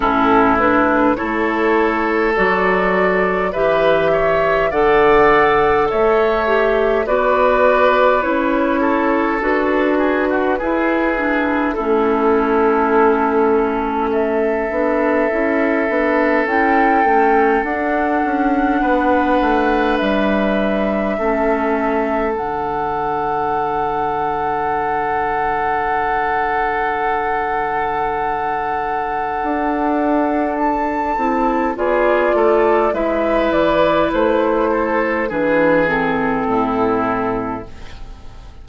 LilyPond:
<<
  \new Staff \with { instrumentName = "flute" } { \time 4/4 \tempo 4 = 51 a'8 b'8 cis''4 d''4 e''4 | fis''4 e''4 d''4 cis''4 | b'2 a'2 | e''2 g''4 fis''4~ |
fis''4 e''2 fis''4~ | fis''1~ | fis''2 a''4 d''4 | e''8 d''8 c''4 b'8 a'4. | }
  \new Staff \with { instrumentName = "oboe" } { \time 4/4 e'4 a'2 b'8 cis''8 | d''4 cis''4 b'4. a'8~ | a'8 gis'16 fis'16 gis'4 e'2 | a'1 |
b'2 a'2~ | a'1~ | a'2. gis'8 a'8 | b'4. a'8 gis'4 e'4 | }
  \new Staff \with { instrumentName = "clarinet" } { \time 4/4 cis'8 d'8 e'4 fis'4 g'4 | a'4. g'8 fis'4 e'4 | fis'4 e'8 d'8 cis'2~ | cis'8 d'8 e'8 d'8 e'8 cis'8 d'4~ |
d'2 cis'4 d'4~ | d'1~ | d'2~ d'8 e'8 f'4 | e'2 d'8 c'4. | }
  \new Staff \with { instrumentName = "bassoon" } { \time 4/4 a,4 a4 fis4 e4 | d4 a4 b4 cis'4 | d'4 e'4 a2~ | a8 b8 cis'8 b8 cis'8 a8 d'8 cis'8 |
b8 a8 g4 a4 d4~ | d1~ | d4 d'4. c'8 b8 a8 | gis8 e8 a4 e4 a,4 | }
>>